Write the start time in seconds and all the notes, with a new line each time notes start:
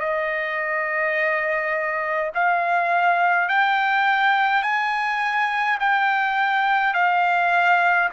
0.00 D#5
2.34 F5
3.48 G5
4.63 G#5
5.80 G5
6.94 F5